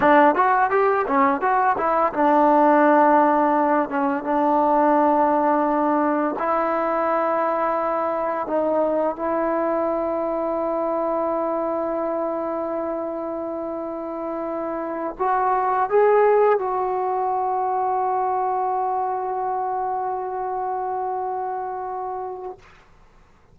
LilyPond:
\new Staff \with { instrumentName = "trombone" } { \time 4/4 \tempo 4 = 85 d'8 fis'8 g'8 cis'8 fis'8 e'8 d'4~ | d'4. cis'8 d'2~ | d'4 e'2. | dis'4 e'2.~ |
e'1~ | e'4. fis'4 gis'4 fis'8~ | fis'1~ | fis'1 | }